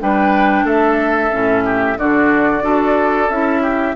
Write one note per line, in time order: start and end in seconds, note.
0.00 0.64 G3
0.00 1.30 D4
0.00 0.65 B4
0.00 0.67 G5
0.64 1.30 A3
0.64 1.64 A4
0.64 1.98 E5
1.30 1.98 A2
1.30 1.96 C#4
1.65 1.98 G4
1.98 2.62 D3
1.98 2.62 D4
1.98 2.63 F#4
1.98 3.29 D5
2.62 3.28 D4
2.62 3.28 F#4
2.62 3.62 A4
3.29 3.95 C#4
3.29 3.95 E4
3.29 3.95 E5
3.62 3.95 G4